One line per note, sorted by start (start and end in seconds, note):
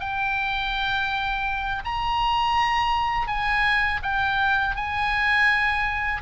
0.00 1.83 G5
1.85 3.28 A#5
3.28 4.01 G#5
4.03 4.76 G5
4.76 6.22 G#5